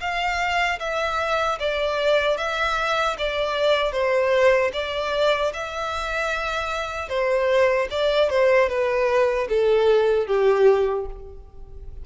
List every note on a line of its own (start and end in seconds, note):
0.00 0.79 F5
0.79 1.58 E5
1.59 2.37 D5
2.37 3.16 E5
3.18 3.92 D5
3.92 4.71 C5
4.73 5.52 D5
5.53 7.09 E5
7.09 7.88 C5
7.91 8.30 D5
8.30 8.69 C5
8.69 9.48 B4
9.49 10.27 A4
10.27 11.06 G4